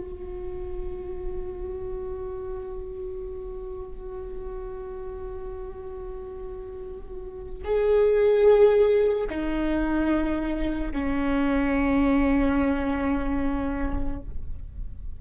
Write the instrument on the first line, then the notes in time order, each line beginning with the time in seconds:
viola
0.00 F#4
7.65 G#4
9.30 D#4
10.92 C#4